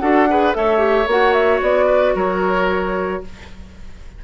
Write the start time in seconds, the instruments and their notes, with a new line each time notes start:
0.00 bassoon D4, clarinet F#4, oboe A4, flute F#5
0.30 clarinet G#4, oboe B4
0.54 bassoon A3, clarinet A4, oboe C#5, flute E5
0.78 clarinet G4
1.07 bassoon A#3, clarinet F#4, flute F#5
1.33 flute E5
1.62 bassoon B3, flute D5
1.86 oboe B4
2.15 bassoon F#3, oboe A#4, flute C#5